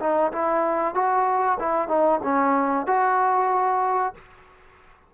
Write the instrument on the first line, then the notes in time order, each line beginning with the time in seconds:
trombone
0.00 D#4
0.32 E4
0.95 F#4
1.59 E4
1.88 D#4
2.23 C#4
2.87 F#4